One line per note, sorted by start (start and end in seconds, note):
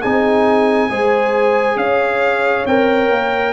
0.00 0.90 C4
0.00 0.90 D#4
0.00 0.88 G#4
0.00 1.77 G#5
0.90 1.76 G#3
0.90 2.66 G#4
0.90 1.78 C5
1.76 2.64 C#4
1.76 3.53 C#5
1.76 2.65 F5
2.66 3.10 C4
2.66 3.53 A#4
2.66 3.53 G5
3.10 3.53 A#3